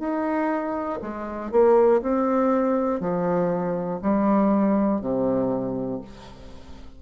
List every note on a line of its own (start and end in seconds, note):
0.00 1.00 D#4
1.02 1.52 G#3
1.52 2.02 A#3
2.02 3.01 C4
3.01 4.01 F3
4.02 5.01 G3
5.01 6.01 C3